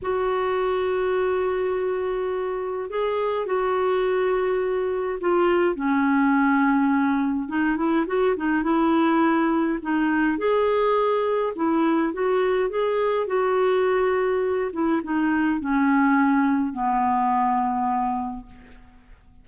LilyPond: \new Staff \with { instrumentName = "clarinet" } { \time 4/4 \tempo 4 = 104 fis'1~ | fis'4 gis'4 fis'2~ | fis'4 f'4 cis'2~ | cis'4 dis'8 e'8 fis'8 dis'8 e'4~ |
e'4 dis'4 gis'2 | e'4 fis'4 gis'4 fis'4~ | fis'4. e'8 dis'4 cis'4~ | cis'4 b2. | }